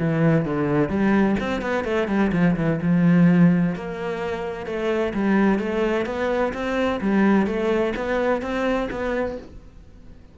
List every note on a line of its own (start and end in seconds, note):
0.00 0.45 E3
0.45 0.89 D3
0.89 1.36 G3
1.40 1.62 C4
1.62 1.85 B3
1.85 2.08 A3
2.08 2.32 G3
2.33 2.56 F3
2.57 2.80 E3
2.82 3.76 F3
3.76 4.66 A#3
4.66 5.13 A3
5.14 5.60 G3
5.60 6.06 A3
6.06 6.53 B3
6.54 7.01 C4
7.01 7.47 G3
7.47 7.94 A3
7.96 8.42 B3
8.42 8.89 C4
8.91 9.38 B3